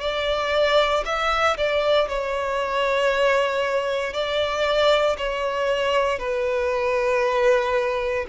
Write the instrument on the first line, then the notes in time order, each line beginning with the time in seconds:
violin
0.00 D5
1.05 E5
1.57 D5
2.08 C#5
4.13 D5
5.17 C#5
6.18 B4